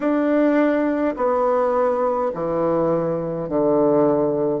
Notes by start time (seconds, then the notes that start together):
0.00 D4
1.16 B3
2.34 E3
3.48 D3